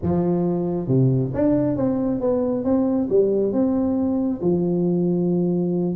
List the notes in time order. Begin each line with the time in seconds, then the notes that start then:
0.02 F3
0.87 C3
1.33 D4
1.76 C4
2.20 B3
2.64 C4
3.09 G3
3.52 C4
4.41 F3